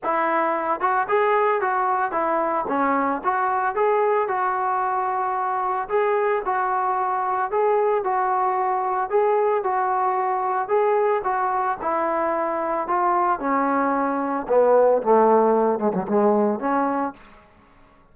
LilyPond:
\new Staff \with { instrumentName = "trombone" } { \time 4/4 \tempo 4 = 112 e'4. fis'8 gis'4 fis'4 | e'4 cis'4 fis'4 gis'4 | fis'2. gis'4 | fis'2 gis'4 fis'4~ |
fis'4 gis'4 fis'2 | gis'4 fis'4 e'2 | f'4 cis'2 b4 | a4. gis16 fis16 gis4 cis'4 | }